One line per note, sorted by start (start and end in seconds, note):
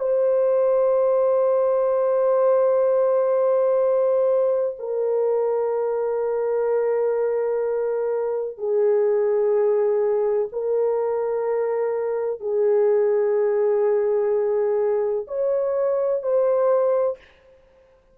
0.00 4.76 C5
4.79 8.58 A#4
8.58 10.48 G#4
10.52 12.40 A#4
12.40 15.26 G#4
15.27 16.23 C#5
16.23 17.18 C5